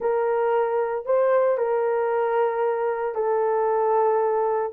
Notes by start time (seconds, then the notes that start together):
0.00 A#4
1.05 C5
1.57 A#4
3.14 A4